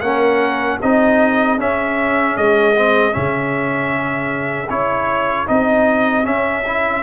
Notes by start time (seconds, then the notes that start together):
0.00 A#3 C#4 A#4 F#5
0.77 C4 D#4 G#4 D#5
1.58 C#4 E5
2.37 G#3 D#5
2.75 C4
3.12 C#3 C#4 E5
4.69 C#4 E4 C#5
5.46 C4 D#4 D#5
6.23 C#4 E5
6.66 E4